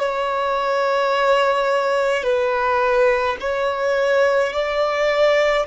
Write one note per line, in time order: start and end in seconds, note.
0.00 2.23 C#5
2.23 3.37 B4
3.41 4.53 C#5
4.53 5.66 D5